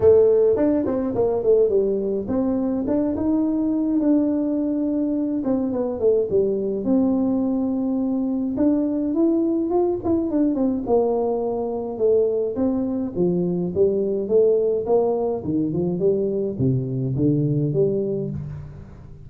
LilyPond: \new Staff \with { instrumentName = "tuba" } { \time 4/4 \tempo 4 = 105 a4 d'8 c'8 ais8 a8 g4 | c'4 d'8 dis'4. d'4~ | d'4. c'8 b8 a8 g4 | c'2. d'4 |
e'4 f'8 e'8 d'8 c'8 ais4~ | ais4 a4 c'4 f4 | g4 a4 ais4 dis8 f8 | g4 c4 d4 g4 | }